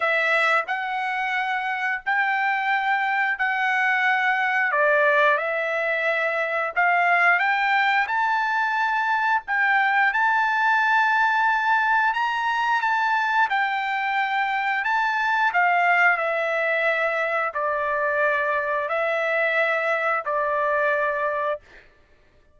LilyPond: \new Staff \with { instrumentName = "trumpet" } { \time 4/4 \tempo 4 = 89 e''4 fis''2 g''4~ | g''4 fis''2 d''4 | e''2 f''4 g''4 | a''2 g''4 a''4~ |
a''2 ais''4 a''4 | g''2 a''4 f''4 | e''2 d''2 | e''2 d''2 | }